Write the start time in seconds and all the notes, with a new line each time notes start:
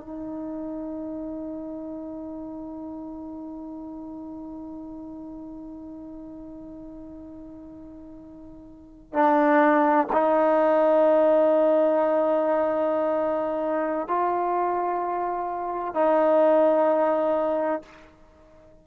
0.00 D#4
9.13 D4
10.12 D#4
14.08 F4
15.94 D#4